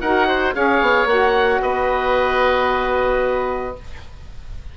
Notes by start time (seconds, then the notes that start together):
0.00 D#4 F#4 A#4 F#5
0.27 C5
0.53 C#4 G#4 C#5 F5
0.81 B3
1.05 A#3 F#4 F#5
1.61 B3 B4 D#5